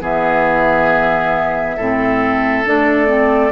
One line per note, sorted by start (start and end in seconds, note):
0.00 1.76 E3
0.00 1.78 B3
0.00 1.76 G#4
0.00 2.67 E5
1.76 2.66 A2
1.76 2.66 C4
1.76 3.52 A4
2.66 3.52 A3
2.66 3.06 D4
2.66 3.52 D5
3.06 3.50 C4